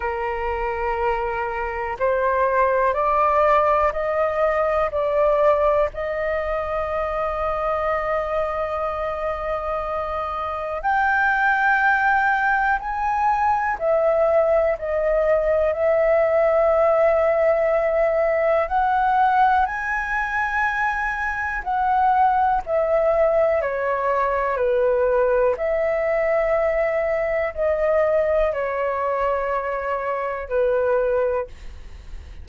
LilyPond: \new Staff \with { instrumentName = "flute" } { \time 4/4 \tempo 4 = 61 ais'2 c''4 d''4 | dis''4 d''4 dis''2~ | dis''2. g''4~ | g''4 gis''4 e''4 dis''4 |
e''2. fis''4 | gis''2 fis''4 e''4 | cis''4 b'4 e''2 | dis''4 cis''2 b'4 | }